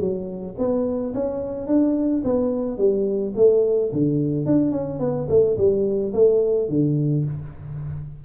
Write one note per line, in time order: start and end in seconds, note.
0.00 0.56 F#3
0.58 1.14 B3
1.14 1.67 C#4
1.67 2.23 D4
2.25 2.78 B3
2.78 3.34 G3
3.36 3.92 A3
3.93 4.46 D3
4.46 4.72 D4
4.72 5.00 C#4
5.00 5.28 B3
5.29 5.57 A3
5.58 6.13 G3
6.14 6.69 A3
6.69 7.25 D3